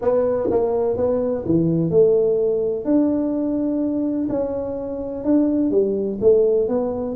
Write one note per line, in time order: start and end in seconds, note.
0.01 0.49 B3
0.50 0.97 A#3
0.97 1.44 B3
1.45 1.90 E3
1.90 2.84 A3
2.84 4.27 D4
4.29 5.24 C#4
5.24 5.70 D4
5.70 6.18 G3
6.20 6.68 A3
6.68 7.15 B3